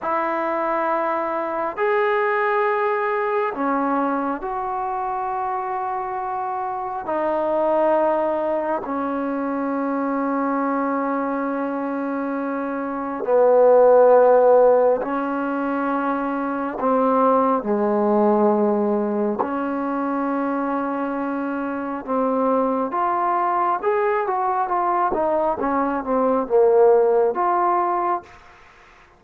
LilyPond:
\new Staff \with { instrumentName = "trombone" } { \time 4/4 \tempo 4 = 68 e'2 gis'2 | cis'4 fis'2. | dis'2 cis'2~ | cis'2. b4~ |
b4 cis'2 c'4 | gis2 cis'2~ | cis'4 c'4 f'4 gis'8 fis'8 | f'8 dis'8 cis'8 c'8 ais4 f'4 | }